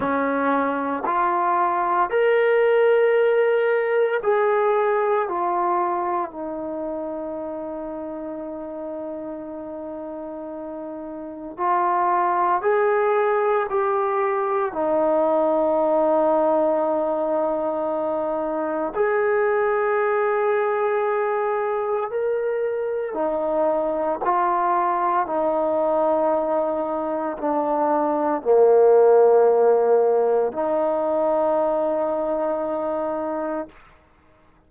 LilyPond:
\new Staff \with { instrumentName = "trombone" } { \time 4/4 \tempo 4 = 57 cis'4 f'4 ais'2 | gis'4 f'4 dis'2~ | dis'2. f'4 | gis'4 g'4 dis'2~ |
dis'2 gis'2~ | gis'4 ais'4 dis'4 f'4 | dis'2 d'4 ais4~ | ais4 dis'2. | }